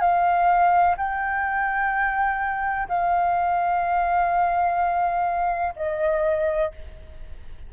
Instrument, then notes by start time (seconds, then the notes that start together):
flute
0.00 F5
0.97 G5
2.88 F5
5.76 D#5